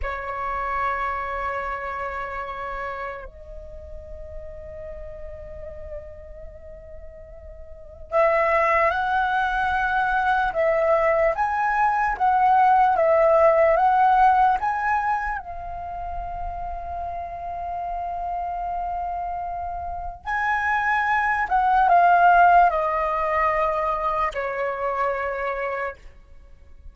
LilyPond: \new Staff \with { instrumentName = "flute" } { \time 4/4 \tempo 4 = 74 cis''1 | dis''1~ | dis''2 e''4 fis''4~ | fis''4 e''4 gis''4 fis''4 |
e''4 fis''4 gis''4 f''4~ | f''1~ | f''4 gis''4. fis''8 f''4 | dis''2 cis''2 | }